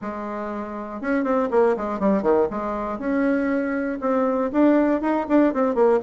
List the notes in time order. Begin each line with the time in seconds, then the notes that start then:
0.01 G#3
1.01 C#4
1.24 C4
1.50 A#3
1.76 G#3
1.99 G3
2.22 D#3
2.50 G#3
2.98 C#4
4.00 C4
4.52 D4
5.01 D#4
5.28 D4
5.53 C4
5.74 A#3